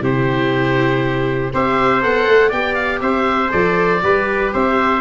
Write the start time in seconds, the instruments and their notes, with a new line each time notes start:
0.00 tuba C3, viola E4, trumpet G4, oboe C5
1.53 tuba C4, viola G4, trumpet C5, oboe E5
2.01 tuba B3, viola A4, oboe F#5
2.26 tuba A3
2.48 tuba B3, viola G4, trumpet D5, oboe G5
2.74 oboe F5
3.00 tuba C4, trumpet C5, oboe E5
3.49 tuba F3, viola A4, oboe D5
4.01 tuba G3, viola G4, trumpet B4
4.53 tuba C4, trumpet C5, oboe E5